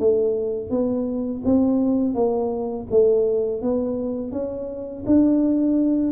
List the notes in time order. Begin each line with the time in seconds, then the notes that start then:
0.00 A3
0.70 B3
1.45 C4
2.15 A#3
2.91 A3
3.62 B3
4.32 C#4
5.06 D4